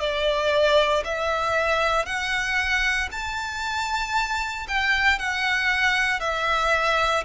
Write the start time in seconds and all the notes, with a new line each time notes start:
0.00 D5
1.04 E5
2.05 F#5
3.11 A5
4.68 G5
5.19 F#5
6.20 E5